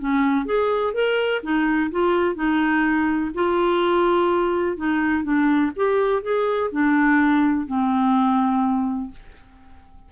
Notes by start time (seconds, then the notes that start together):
0.00 C#4
0.46 G#4
0.94 A#4
1.43 D#4
1.92 F4
2.36 D#4
3.35 F4
4.77 D#4
5.24 D4
5.76 G4
6.23 G#4
6.72 D4
7.67 C4